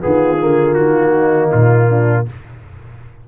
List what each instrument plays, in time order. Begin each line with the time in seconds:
0.00 tuba D#3, trombone B3, horn F4, trumpet G#4
0.39 tuba D3, trombone A#3
0.74 tuba D#3, trumpet F#4
1.12 horn D#4
1.51 tuba A#2, trumpet F4
1.89 horn D4